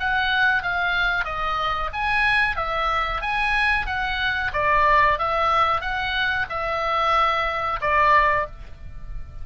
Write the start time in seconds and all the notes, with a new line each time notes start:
0.00 F#5
0.63 F5
1.25 D#5
1.93 G#5
2.56 E5
3.21 G#5
3.87 F#5
4.53 D5
5.19 E5
5.81 F#5
6.50 E5
7.81 D5